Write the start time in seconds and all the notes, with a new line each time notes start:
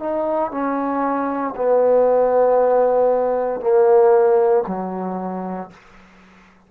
0.00 D#4
0.51 C#4
1.56 B3
3.61 A#3
4.67 F#3